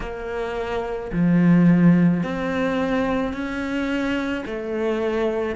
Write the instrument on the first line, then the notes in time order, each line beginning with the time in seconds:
cello
0.00 A#3
1.12 F3
2.23 C4
3.33 C#4
4.45 A3